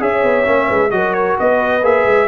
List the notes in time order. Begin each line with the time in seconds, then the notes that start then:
0.00 C#4 G#4 C#5 E5
0.24 B3
0.45 A#3 C#4
0.67 G#3 B4
0.91 F#3 F#4 A#4 D#5
1.14 C#5
1.40 B3 B4 D#5
1.83 A#3 G#4 E5
2.06 G#3